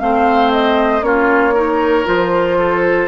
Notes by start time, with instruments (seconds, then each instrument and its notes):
0.00 bassoon A3, clarinet C4, oboe C5, flute F5
0.53 flute D#5
1.02 bassoon A#3, clarinet C#4, oboe F4, flute C#5
1.54 clarinet D#4, oboe A#4
2.05 bassoon F3, clarinet F4, flute C5
2.59 oboe A4